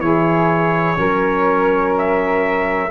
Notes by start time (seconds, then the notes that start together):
0.00 E3 E4 G#4 C#5
0.96 F#3 C#4 A#4
1.98 E5